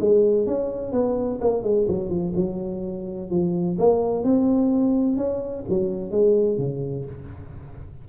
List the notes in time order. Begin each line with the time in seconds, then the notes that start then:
0.00 G#3
0.47 C#4
0.92 B3
1.41 A#3
1.63 G#3
1.88 F#3
2.10 F3
2.36 F#3
3.30 F3
3.79 A#3
4.24 C4
5.17 C#4
5.69 F#3
6.11 G#3
6.58 C#3